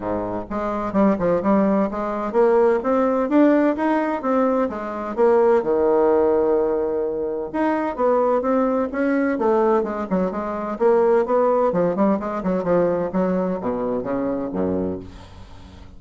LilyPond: \new Staff \with { instrumentName = "bassoon" } { \time 4/4 \tempo 4 = 128 gis,4 gis4 g8 f8 g4 | gis4 ais4 c'4 d'4 | dis'4 c'4 gis4 ais4 | dis1 |
dis'4 b4 c'4 cis'4 | a4 gis8 fis8 gis4 ais4 | b4 f8 g8 gis8 fis8 f4 | fis4 b,4 cis4 fis,4 | }